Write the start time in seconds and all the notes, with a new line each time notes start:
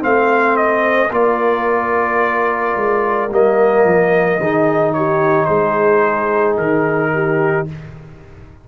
0.00 A3 C4 C5 F5
0.56 D#5
1.10 A#3 F4 A#4 D5
2.76 G#3
3.29 G3 A#3 D#5
3.84 F3
4.37 D#3 D#4 G#4
4.93 G4 C#5
5.45 G#3 G#4 C5
6.57 D#3 A#4
7.13 G4